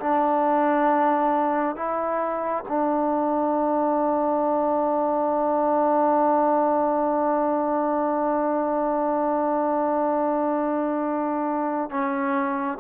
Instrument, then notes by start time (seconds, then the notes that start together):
trombone
0.00 D4
1.76 E4
2.68 D4
11.90 C#4